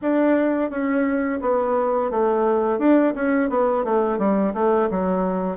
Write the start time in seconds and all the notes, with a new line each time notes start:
0.01 D4
0.70 C#4
1.41 B3
2.11 A3
2.78 D4
3.15 C#4
3.49 B3
3.84 A3
4.18 G3
4.54 A3
4.90 F#3